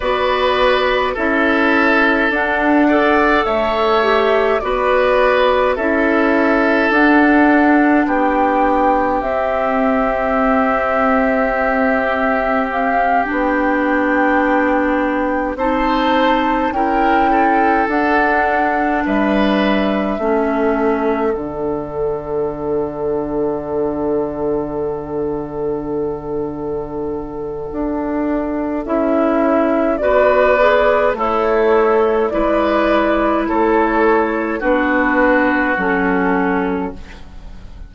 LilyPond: <<
  \new Staff \with { instrumentName = "flute" } { \time 4/4 \tempo 4 = 52 d''4 e''4 fis''4 e''4 | d''4 e''4 fis''4 g''4 | e''2. f''8 g''8~ | g''4. a''4 g''4 fis''8~ |
fis''8 e''2 fis''4.~ | fis''1~ | fis''4 e''4 d''4 cis''4 | d''4 cis''4 b'4 a'4 | }
  \new Staff \with { instrumentName = "oboe" } { \time 4/4 b'4 a'4. d''8 cis''4 | b'4 a'2 g'4~ | g'1~ | g'4. c''4 ais'8 a'4~ |
a'8 b'4 a'2~ a'8~ | a'1~ | a'2 b'4 e'4 | b'4 a'4 fis'2 | }
  \new Staff \with { instrumentName = "clarinet" } { \time 4/4 fis'4 e'4 d'8 a'4 g'8 | fis'4 e'4 d'2 | c'2.~ c'8 d'8~ | d'4. dis'4 e'4 d'8~ |
d'4. cis'4 d'4.~ | d'1~ | d'4 e'4 fis'8 gis'8 a'4 | e'2 d'4 cis'4 | }
  \new Staff \with { instrumentName = "bassoon" } { \time 4/4 b4 cis'4 d'4 a4 | b4 cis'4 d'4 b4 | c'2.~ c'8 b8~ | b4. c'4 cis'4 d'8~ |
d'8 g4 a4 d4.~ | d1 | d'4 cis'4 b4 a4 | gis4 a4 b4 fis4 | }
>>